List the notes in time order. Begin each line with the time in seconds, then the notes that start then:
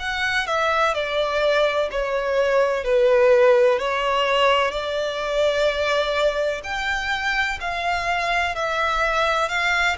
0.00 F#5
0.47 E5
0.94 D5
1.92 C#5
2.84 B4
3.80 C#5
4.71 D5
6.64 G5
7.61 F5
8.56 E5
9.49 F5